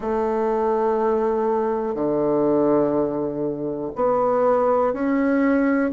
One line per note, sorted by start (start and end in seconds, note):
0.00 1.94 A3
1.94 3.91 D3
3.95 4.93 B3
4.93 5.91 C#4